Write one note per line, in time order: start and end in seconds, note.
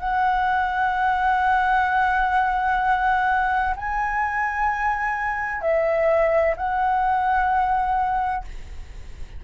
0.00 3.75 F#5
3.76 5.62 G#5
5.62 6.55 E5
6.57 8.45 F#5